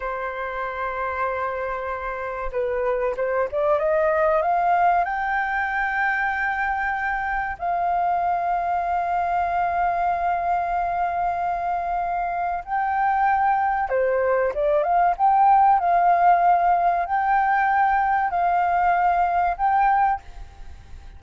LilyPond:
\new Staff \with { instrumentName = "flute" } { \time 4/4 \tempo 4 = 95 c''1 | b'4 c''8 d''8 dis''4 f''4 | g''1 | f''1~ |
f''1 | g''2 c''4 d''8 f''8 | g''4 f''2 g''4~ | g''4 f''2 g''4 | }